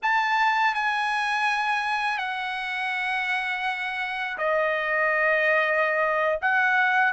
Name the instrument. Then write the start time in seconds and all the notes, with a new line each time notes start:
trumpet
0.02 A5
0.74 G#5
2.18 F#5
4.37 D#5
6.41 F#5